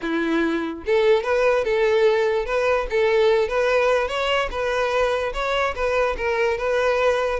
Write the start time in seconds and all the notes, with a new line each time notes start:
0.01 E4
0.86 A4
1.23 B4
1.64 A4
2.45 B4
2.90 A4
3.48 B4
4.08 C#5
4.50 B4
5.33 C#5
5.75 B4
6.17 A#4
6.57 B4